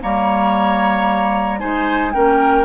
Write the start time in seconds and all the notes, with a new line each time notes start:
0.00 G3 A#3 C#5 A#5
1.59 G#3 D#4 C5 G#5
2.12 A#3 C#4 A#4 G5